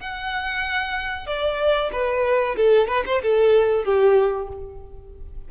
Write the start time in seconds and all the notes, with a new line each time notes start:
0.00 F#5
1.26 D5
1.92 B4
2.56 A4
2.88 B4
3.06 C5
3.22 A4
3.84 G4